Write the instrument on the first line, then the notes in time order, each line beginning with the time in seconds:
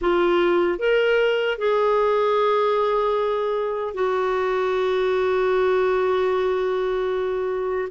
clarinet
0.01 F4
0.79 A#4
1.58 G#4
3.93 F#4